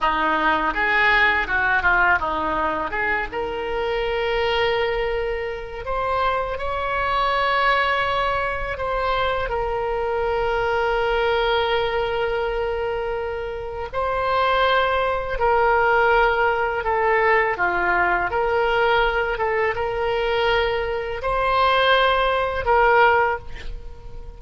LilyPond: \new Staff \with { instrumentName = "oboe" } { \time 4/4 \tempo 4 = 82 dis'4 gis'4 fis'8 f'8 dis'4 | gis'8 ais'2.~ ais'8 | c''4 cis''2. | c''4 ais'2.~ |
ais'2. c''4~ | c''4 ais'2 a'4 | f'4 ais'4. a'8 ais'4~ | ais'4 c''2 ais'4 | }